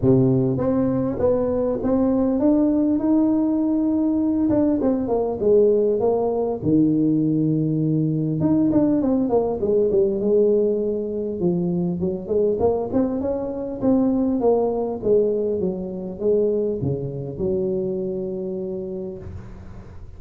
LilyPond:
\new Staff \with { instrumentName = "tuba" } { \time 4/4 \tempo 4 = 100 c4 c'4 b4 c'4 | d'4 dis'2~ dis'8 d'8 | c'8 ais8 gis4 ais4 dis4~ | dis2 dis'8 d'8 c'8 ais8 |
gis8 g8 gis2 f4 | fis8 gis8 ais8 c'8 cis'4 c'4 | ais4 gis4 fis4 gis4 | cis4 fis2. | }